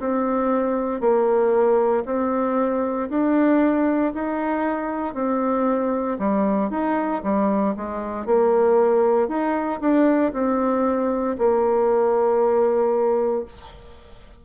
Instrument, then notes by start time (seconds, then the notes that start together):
bassoon
0.00 C4
1.01 A#3
2.05 C4
3.09 D4
4.14 D#4
5.14 C4
6.19 G3
6.70 D#4
7.23 G3
7.77 G#3
8.26 A#3
9.28 D#4
9.81 D4
10.33 C4
11.38 A#3